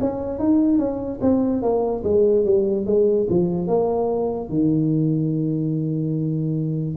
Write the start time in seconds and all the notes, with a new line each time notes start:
0.00 C#4
0.39 D#4
0.78 C#4
1.21 C4
1.62 A#3
2.04 G#3
2.45 G3
2.86 G#3
3.30 F3
3.67 A#3
4.49 D#3